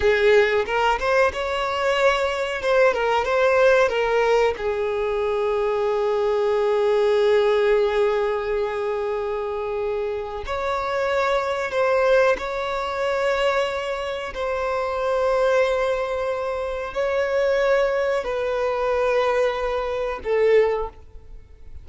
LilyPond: \new Staff \with { instrumentName = "violin" } { \time 4/4 \tempo 4 = 92 gis'4 ais'8 c''8 cis''2 | c''8 ais'8 c''4 ais'4 gis'4~ | gis'1~ | gis'1 |
cis''2 c''4 cis''4~ | cis''2 c''2~ | c''2 cis''2 | b'2. a'4 | }